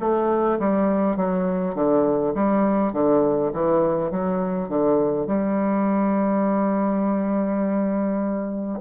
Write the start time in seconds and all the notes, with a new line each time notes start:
0.00 A3
0.59 G3
1.17 F#3
1.75 D3
2.34 G3
2.93 D3
3.53 E3
4.11 F#3
4.69 D3
5.27 G3